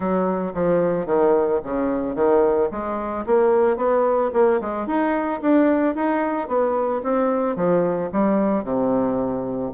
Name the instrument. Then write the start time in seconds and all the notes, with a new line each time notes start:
bassoon
0.00 F#3
0.54 F3
1.05 D#3
1.63 C#3
2.15 D#3
2.71 G#3
3.26 A#3
3.76 B3
4.33 A#3
4.60 G#3
4.86 D#4
5.41 D4
5.95 D#4
6.47 B3
7.03 C4
7.56 F3
8.12 G3
8.63 C3